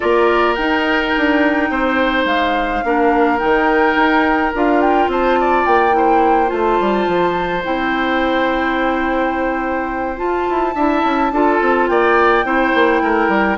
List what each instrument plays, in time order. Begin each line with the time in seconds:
0.00 bassoon A#3, clarinet F4, oboe A#4, flute D5
0.54 bassoon D#4, clarinet D#4, flute G5
1.17 bassoon D4
1.70 bassoon C4, oboe C5
2.25 bassoon G#3, flute F5
2.84 bassoon A#3, clarinet D4, oboe A#4
3.38 bassoon D#3, clarinet D#4, flute G5
3.95 bassoon D#4
4.54 bassoon D4, clarinet F4, flute F5
4.80 flute G5
5.07 bassoon C4, oboe C5, flute A5
5.39 oboe D5
5.65 bassoon A#3, flute G5
5.91 clarinet E4, oboe C5
6.46 bassoon A3, clarinet F4, flute A5
6.79 bassoon G3
7.07 bassoon F3
7.64 bassoon C4, clarinet E4, flute G5
10.16 clarinet F4, bassoon F4, flute A5
10.49 bassoon E4
10.74 bassoon D4, clarinet E4, oboe E5
11.03 bassoon C#4
11.31 bassoon D4, clarinet F4, oboe A4
11.60 bassoon C4
11.88 bassoon A#3, oboe D5, flute G5
12.44 bassoon C4, clarinet E4, oboe C5
12.74 bassoon A#3
13.02 bassoon A3, oboe A#4
13.28 bassoon G3